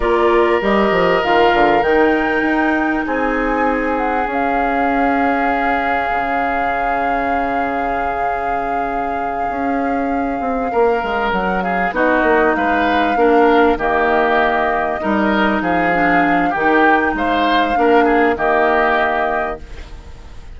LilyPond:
<<
  \new Staff \with { instrumentName = "flute" } { \time 4/4 \tempo 4 = 98 d''4 dis''4 f''4 g''4~ | g''4 gis''4. fis''8 f''4~ | f''1~ | f''1~ |
f''2~ f''8 fis''8 f''8 dis''8~ | dis''8 f''2 dis''4.~ | dis''4. f''4. g''4 | f''2 dis''2 | }
  \new Staff \with { instrumentName = "oboe" } { \time 4/4 ais'1~ | ais'4 gis'2.~ | gis'1~ | gis'1~ |
gis'4. ais'4. gis'8 fis'8~ | fis'8 b'4 ais'4 g'4.~ | g'8 ais'4 gis'4. g'4 | c''4 ais'8 gis'8 g'2 | }
  \new Staff \with { instrumentName = "clarinet" } { \time 4/4 f'4 g'4 f'4 dis'4~ | dis'2. cis'4~ | cis'1~ | cis'1~ |
cis'2.~ cis'8 dis'8~ | dis'4. d'4 ais4.~ | ais8 dis'4. d'4 dis'4~ | dis'4 d'4 ais2 | }
  \new Staff \with { instrumentName = "bassoon" } { \time 4/4 ais4 g8 f8 dis8 d8 dis4 | dis'4 c'2 cis'4~ | cis'2 cis2~ | cis2.~ cis8 cis'8~ |
cis'4 c'8 ais8 gis8 fis4 b8 | ais8 gis4 ais4 dis4.~ | dis8 g4 f4. dis4 | gis4 ais4 dis2 | }
>>